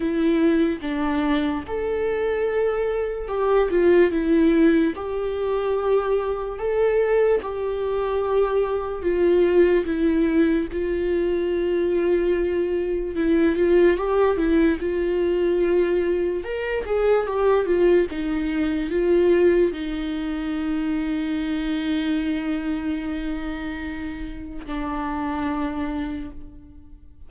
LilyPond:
\new Staff \with { instrumentName = "viola" } { \time 4/4 \tempo 4 = 73 e'4 d'4 a'2 | g'8 f'8 e'4 g'2 | a'4 g'2 f'4 | e'4 f'2. |
e'8 f'8 g'8 e'8 f'2 | ais'8 gis'8 g'8 f'8 dis'4 f'4 | dis'1~ | dis'2 d'2 | }